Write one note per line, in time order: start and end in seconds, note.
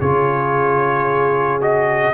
0.00 2.14 C#3
0.00 1.61 F4
0.00 2.14 G#4
0.00 1.61 C#5
1.61 2.14 F#4
1.61 2.14 D#5